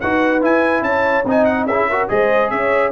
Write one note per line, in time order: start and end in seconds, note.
0.00 0.42 D#4
0.00 0.41 F#4
0.00 0.84 B4
0.00 0.42 F#5
0.41 1.24 E4
0.41 0.81 E4
0.41 0.83 G#5
0.81 1.23 C#4
0.81 1.27 C#5
0.81 1.24 A5
1.25 1.66 C4
1.25 1.68 D#4
1.25 1.66 D#5
1.25 1.45 G#5
1.45 1.65 F#5
1.66 2.07 C#4
1.66 1.90 E4
1.66 1.87 G#4
1.66 2.08 E5
1.89 2.09 F#4
1.89 2.09 A#4
2.09 2.51 G#3
2.09 2.92 G#4
2.09 2.51 C5
2.09 2.49 D#5
2.49 2.92 C#4
2.49 2.92 C#5
2.49 2.91 E5